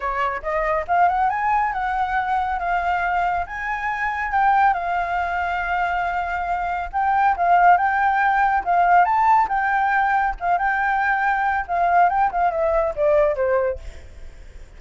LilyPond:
\new Staff \with { instrumentName = "flute" } { \time 4/4 \tempo 4 = 139 cis''4 dis''4 f''8 fis''8 gis''4 | fis''2 f''2 | gis''2 g''4 f''4~ | f''1 |
g''4 f''4 g''2 | f''4 a''4 g''2 | f''8 g''2~ g''8 f''4 | g''8 f''8 e''4 d''4 c''4 | }